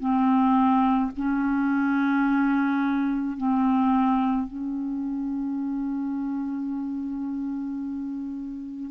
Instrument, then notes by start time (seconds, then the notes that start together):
clarinet
0.00 C4
1.17 C#4
3.37 C4
4.47 C#4